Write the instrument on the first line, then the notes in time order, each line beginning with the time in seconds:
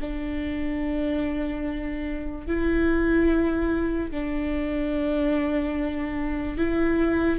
viola
0.00 D4
2.47 E4
4.11 D4
6.58 E4